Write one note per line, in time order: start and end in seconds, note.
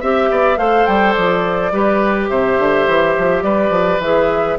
0.00 0.30 C4
0.00 0.57 G4
0.00 0.29 E5
0.00 0.57 E5
0.30 0.57 B3
0.30 0.58 D5
0.57 0.86 A3
0.57 1.71 A4
0.57 1.72 C5
0.57 0.86 F5
0.86 1.15 G3
0.86 1.12 G5
1.12 1.72 F3
1.12 2.26 D5
1.72 2.29 G3
1.72 4.01 G4
1.72 2.29 B4
2.29 2.58 C3
2.29 3.44 C5
2.29 3.43 E5
2.58 2.87 D3
2.87 3.15 E3
3.18 3.42 F3
3.42 3.69 G3
3.42 4.58 B4
3.42 4.00 D5
3.69 3.98 F3
3.99 4.56 E3
3.99 4.59 G#4
3.99 4.58 E5